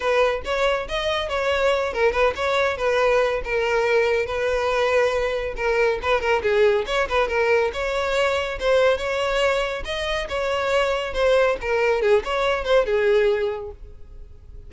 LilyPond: \new Staff \with { instrumentName = "violin" } { \time 4/4 \tempo 4 = 140 b'4 cis''4 dis''4 cis''4~ | cis''8 ais'8 b'8 cis''4 b'4. | ais'2 b'2~ | b'4 ais'4 b'8 ais'8 gis'4 |
cis''8 b'8 ais'4 cis''2 | c''4 cis''2 dis''4 | cis''2 c''4 ais'4 | gis'8 cis''4 c''8 gis'2 | }